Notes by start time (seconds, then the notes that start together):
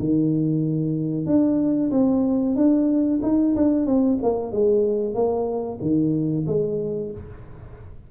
0.00 D#3
1.26 D4
1.91 C4
2.56 D4
3.23 D#4
3.56 D4
3.87 C4
4.23 A#3
4.52 G#3
5.15 A#3
5.82 D#3
6.47 G#3